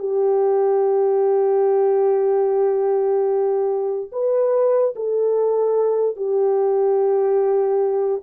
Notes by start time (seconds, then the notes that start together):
0.00 G4
4.12 B4
4.96 A4
6.17 G4